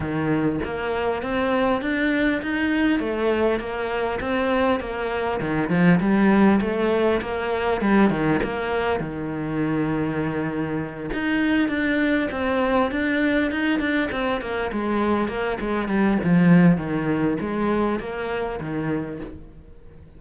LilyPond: \new Staff \with { instrumentName = "cello" } { \time 4/4 \tempo 4 = 100 dis4 ais4 c'4 d'4 | dis'4 a4 ais4 c'4 | ais4 dis8 f8 g4 a4 | ais4 g8 dis8 ais4 dis4~ |
dis2~ dis8 dis'4 d'8~ | d'8 c'4 d'4 dis'8 d'8 c'8 | ais8 gis4 ais8 gis8 g8 f4 | dis4 gis4 ais4 dis4 | }